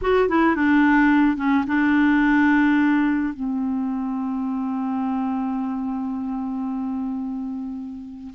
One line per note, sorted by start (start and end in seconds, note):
0.01 0.29 F#4
0.29 0.55 E4
0.55 1.36 D4
1.36 1.64 C#4
1.67 3.33 D4
3.33 8.33 C4